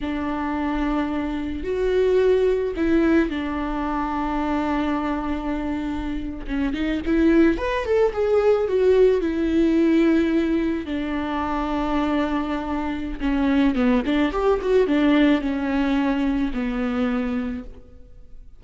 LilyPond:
\new Staff \with { instrumentName = "viola" } { \time 4/4 \tempo 4 = 109 d'2. fis'4~ | fis'4 e'4 d'2~ | d'2.~ d'8. cis'16~ | cis'16 dis'8 e'4 b'8 a'8 gis'4 fis'16~ |
fis'8. e'2. d'16~ | d'1 | cis'4 b8 d'8 g'8 fis'8 d'4 | cis'2 b2 | }